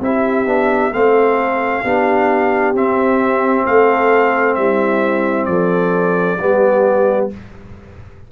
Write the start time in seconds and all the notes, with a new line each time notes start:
0.00 C4 E4 G4 E5
0.46 B3 D4
0.93 A3 C4 A4 F5
1.84 B3 D4 G4
2.74 C4 E5
3.66 A3 A4 F5
4.54 G3 E4 E5
5.45 F3 A4 D5
6.38 G3 B3 G4